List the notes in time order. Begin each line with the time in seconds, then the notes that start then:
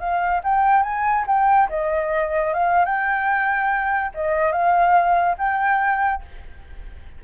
0.00 F5
0.44 G5
0.83 G#5
1.27 G5
1.70 D#5
2.54 F5
2.86 G5
4.15 D#5
4.52 F5
5.39 G5